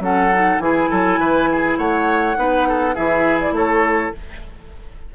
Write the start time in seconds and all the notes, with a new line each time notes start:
0.00 F#3 C#4 A4 F#5
0.34 D#4
0.60 E3 E4 G#4 G#5
0.90 F#3 A4
1.19 E3 B4
1.52 G#4
1.78 A3 C#5 F#5
2.36 B3 D#4 B4
2.69 A4
2.95 E3 E4 G#4 E5
3.41 D5
3.52 A3 A4 C#5